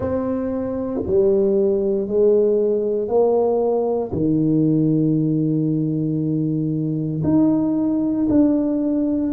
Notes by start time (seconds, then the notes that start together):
0.00 C4
1.06 G3
2.07 G#3
3.08 A#3
4.11 D#3
7.23 D#4
8.29 D4